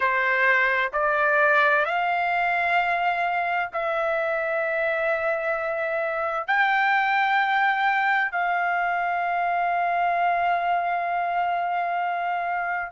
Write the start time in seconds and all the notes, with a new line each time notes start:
0.00 C5
0.92 D5
1.85 F5
3.72 E5
6.47 G5
8.31 F5